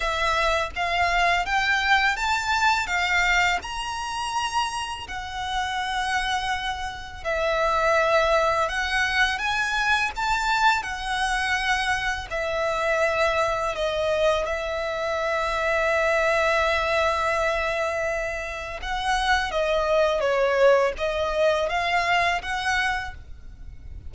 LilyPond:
\new Staff \with { instrumentName = "violin" } { \time 4/4 \tempo 4 = 83 e''4 f''4 g''4 a''4 | f''4 ais''2 fis''4~ | fis''2 e''2 | fis''4 gis''4 a''4 fis''4~ |
fis''4 e''2 dis''4 | e''1~ | e''2 fis''4 dis''4 | cis''4 dis''4 f''4 fis''4 | }